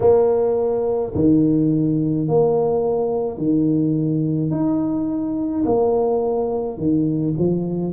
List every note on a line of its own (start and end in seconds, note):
0.00 1.13 A#3
1.14 2.27 D#3
2.27 3.37 A#3
3.37 4.50 D#3
4.50 5.63 D#4
5.65 6.77 A#3
6.77 7.34 D#3
7.38 7.92 F3